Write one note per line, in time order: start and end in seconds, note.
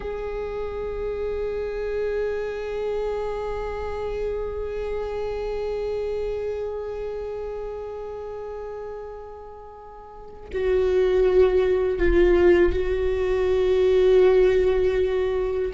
0.00 10.49 G#4
10.52 11.99 F#4
11.99 12.72 F4
12.72 15.72 F#4